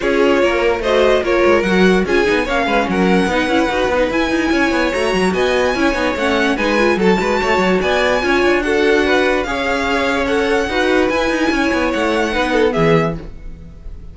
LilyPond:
<<
  \new Staff \with { instrumentName = "violin" } { \time 4/4 \tempo 4 = 146 cis''2 dis''4 cis''4 | fis''4 gis''4 f''4 fis''4~ | fis''2 gis''2 | ais''4 gis''2 fis''4 |
gis''4 a''2 gis''4~ | gis''4 fis''2 f''4~ | f''4 fis''2 gis''4~ | gis''4 fis''2 e''4 | }
  \new Staff \with { instrumentName = "violin" } { \time 4/4 gis'4 ais'4 c''4 ais'4~ | ais'4 gis'4 cis''8 b'8 ais'4 | b'2. cis''4~ | cis''4 dis''4 cis''2 |
b'4 a'8 b'8 cis''4 d''4 | cis''4 a'4 b'4 cis''4~ | cis''2 b'2 | cis''2 b'8 a'8 gis'4 | }
  \new Staff \with { instrumentName = "viola" } { \time 4/4 f'2 fis'4 f'4 | fis'4 f'8 dis'8 cis'2 | dis'8 e'8 fis'8 dis'8 e'2 | fis'2 e'8 dis'8 cis'4 |
dis'8 f'8 fis'2. | f'4 fis'2 gis'4~ | gis'4 a'4 fis'4 e'4~ | e'2 dis'4 b4 | }
  \new Staff \with { instrumentName = "cello" } { \time 4/4 cis'4 ais4 a4 ais8 gis8 | fis4 cis'8 b8 ais8 gis8 fis4 | b8 cis'8 dis'8 b8 e'8 dis'8 cis'8 b8 | a8 fis8 b4 cis'8 b8 a4 |
gis4 fis8 gis8 a8 fis8 b4 | cis'8 d'2~ d'8 cis'4~ | cis'2 dis'4 e'8 dis'8 | cis'8 b8 a4 b4 e4 | }
>>